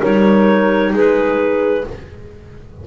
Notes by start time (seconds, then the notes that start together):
0.00 G3 D#4 A#4 C#5
0.93 G#3 G#4 B4